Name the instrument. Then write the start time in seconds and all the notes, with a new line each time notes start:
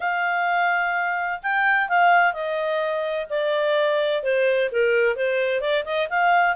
clarinet
0.00 F5
1.43 G5
1.89 F5
2.33 D#5
3.29 D5
4.23 C5
4.71 A#4
5.15 C5
5.60 D5
5.84 D#5
6.09 F5